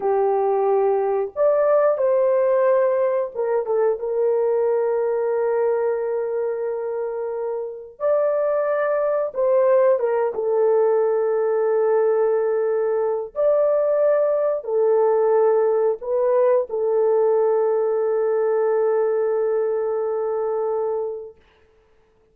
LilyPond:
\new Staff \with { instrumentName = "horn" } { \time 4/4 \tempo 4 = 90 g'2 d''4 c''4~ | c''4 ais'8 a'8 ais'2~ | ais'1 | d''2 c''4 ais'8 a'8~ |
a'1 | d''2 a'2 | b'4 a'2.~ | a'1 | }